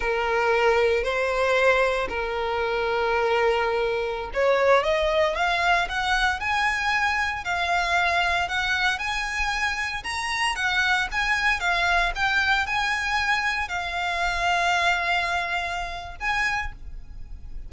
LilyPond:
\new Staff \with { instrumentName = "violin" } { \time 4/4 \tempo 4 = 115 ais'2 c''2 | ais'1~ | ais'16 cis''4 dis''4 f''4 fis''8.~ | fis''16 gis''2 f''4.~ f''16~ |
f''16 fis''4 gis''2 ais''8.~ | ais''16 fis''4 gis''4 f''4 g''8.~ | g''16 gis''2 f''4.~ f''16~ | f''2. gis''4 | }